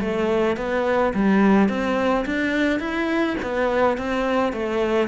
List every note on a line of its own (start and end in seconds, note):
0.00 0.56 A3
0.56 1.13 B3
1.14 1.68 G3
1.68 2.25 C4
2.25 2.79 D4
2.79 3.36 E4
3.42 3.97 B3
3.97 4.52 C4
4.52 5.08 A3